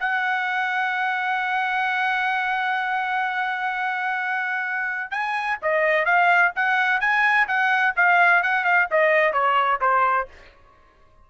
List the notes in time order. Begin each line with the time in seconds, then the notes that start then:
0.00 F#5
5.11 G#5
5.63 D#5
6.06 F5
6.56 F#5
7.01 G#5
7.48 F#5
7.97 F5
8.43 F#5
8.65 F5
8.91 D#5
9.33 C#5
9.81 C5